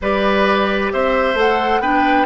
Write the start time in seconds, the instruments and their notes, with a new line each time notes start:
0.01 bassoon G3, clarinet G4, oboe B4, flute D5
0.92 bassoon C4, oboe C5, flute E5
1.34 bassoon A3, clarinet A4, flute F#5
1.79 bassoon B3, clarinet D4, oboe B4, flute G5